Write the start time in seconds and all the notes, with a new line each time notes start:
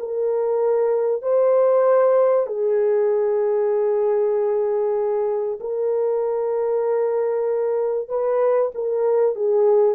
0.00 A#4
1.23 C5
2.47 G#4
5.61 A#4
8.09 B4
8.75 A#4
9.36 G#4